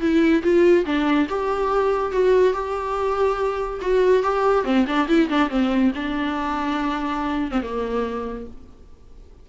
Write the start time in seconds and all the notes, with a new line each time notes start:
0.00 E4
0.42 F4
0.85 D4
1.29 G4
2.12 F#4
2.53 G4
3.81 F#4
4.22 G4
4.64 C4
4.87 D4
5.08 E4
5.29 D4
5.49 C4
5.95 D4
7.51 C4
7.62 A#3